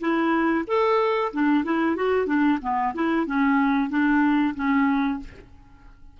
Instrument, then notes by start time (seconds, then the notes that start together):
clarinet
0.00 E4
0.67 A4
1.33 D4
1.64 E4
1.96 F#4
2.26 D4
2.62 B3
2.94 E4
3.26 C#4
3.90 D4
4.55 C#4